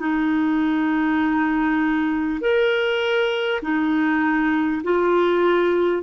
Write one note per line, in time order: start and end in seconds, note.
0.00 2.40 D#4
2.41 3.61 A#4
3.63 4.83 D#4
4.84 6.03 F4